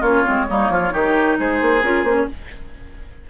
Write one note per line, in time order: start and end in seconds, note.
0.00 0.23 A#3
0.00 0.24 C#4
0.00 0.45 F4
0.00 1.38 C#5
0.24 0.49 G#3
0.24 0.47 C4
0.48 0.69 G3
0.48 0.90 A#3
0.48 0.71 D#4
0.69 0.92 F3
0.69 0.92 F4
0.90 1.38 D#3
0.90 1.80 D#4
0.90 1.37 G4
1.39 1.61 G#3
1.39 2.29 G#4
1.39 1.82 C5
1.61 1.83 A#3
1.82 2.03 C#4
1.82 2.06 F4
1.82 2.04 A#4
2.03 2.25 A#3
2.03 2.28 C#4
2.03 2.15 C5
2.15 2.26 C#5